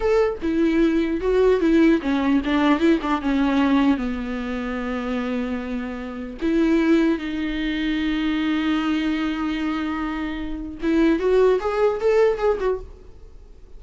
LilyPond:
\new Staff \with { instrumentName = "viola" } { \time 4/4 \tempo 4 = 150 a'4 e'2 fis'4 | e'4 cis'4 d'4 e'8 d'8 | cis'2 b2~ | b1 |
e'2 dis'2~ | dis'1~ | dis'2. e'4 | fis'4 gis'4 a'4 gis'8 fis'8 | }